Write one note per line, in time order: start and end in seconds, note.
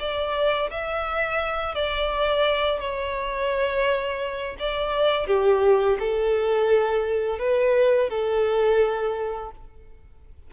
0.00 0.71 D5
0.71 1.75 E5
1.75 2.80 D5
2.80 4.57 C#5
4.60 5.27 D5
5.27 5.98 G4
5.99 7.39 A4
7.39 8.10 B4
8.10 9.51 A4